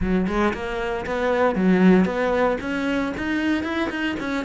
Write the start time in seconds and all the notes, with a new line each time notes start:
0.01 F#3
0.27 G#3
0.53 A#3
1.06 B3
1.55 F#3
2.05 B3
2.60 C#4
3.17 D#4
3.63 E4
3.89 D#4
4.19 C#4